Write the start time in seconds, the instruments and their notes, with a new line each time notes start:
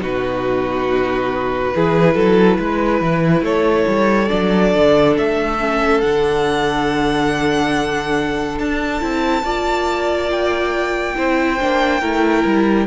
0.00 cello B2, viola D#4, violin F#4 B4
1.74 cello E3, viola E4, violin G#4
2.14 cello F#3, violin A4
2.57 cello G#3, violin B4
3.01 cello E3
3.42 cello A3, violin A4 C#5
3.87 cello G3
4.27 cello F#3, viola D4, violin D5
4.75 cello D3
5.17 cello A3, violin E5
5.60 viola C#4
6.01 cello D3, viola D4, violin F#5
8.58 cello D4, violin A5
9.00 cello C4, viola E4
9.42 cello A#3, viola F4, violin D5
10.30 violin G5
11.15 cello C4, viola E4, violin C5
11.59 cello A#3, viola D4
12.00 cello A3, viola E4, violin A#4
12.45 cello G3